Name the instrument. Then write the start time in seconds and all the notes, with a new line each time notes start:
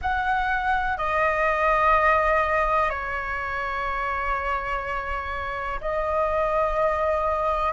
flute
0.01 F#5
0.97 D#5
2.89 C#5
5.80 D#5